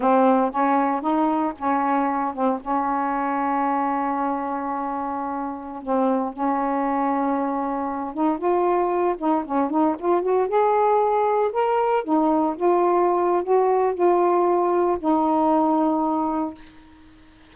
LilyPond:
\new Staff \with { instrumentName = "saxophone" } { \time 4/4 \tempo 4 = 116 c'4 cis'4 dis'4 cis'4~ | cis'8 c'8 cis'2.~ | cis'2.~ cis'16 c'8.~ | c'16 cis'2.~ cis'8 dis'16~ |
dis'16 f'4. dis'8 cis'8 dis'8 f'8 fis'16~ | fis'16 gis'2 ais'4 dis'8.~ | dis'16 f'4.~ f'16 fis'4 f'4~ | f'4 dis'2. | }